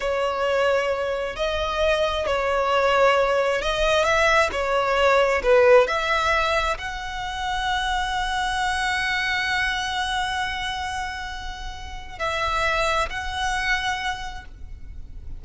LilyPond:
\new Staff \with { instrumentName = "violin" } { \time 4/4 \tempo 4 = 133 cis''2. dis''4~ | dis''4 cis''2. | dis''4 e''4 cis''2 | b'4 e''2 fis''4~ |
fis''1~ | fis''1~ | fis''2. e''4~ | e''4 fis''2. | }